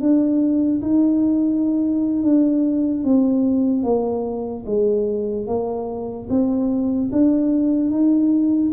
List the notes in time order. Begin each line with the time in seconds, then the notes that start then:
0.00 D4
0.81 D#4
2.23 D4
3.04 C4
3.83 A#3
4.65 G#3
5.47 A#3
6.29 C4
7.12 D4
7.90 D#4